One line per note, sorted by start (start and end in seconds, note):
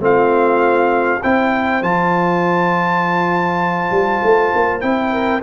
0.00 1.20 A3
0.00 1.20 C4
0.00 1.22 F4
0.00 1.23 F5
1.22 1.82 C4
1.22 1.83 E4
1.22 5.12 C5
1.22 1.83 G5
1.82 3.91 F3
1.82 4.81 F4
1.82 4.81 A5
3.91 4.21 G3
4.23 4.53 A3
4.55 4.83 A#3
4.81 5.42 C4
4.81 5.41 E4
4.81 5.41 G5
5.12 5.42 A#4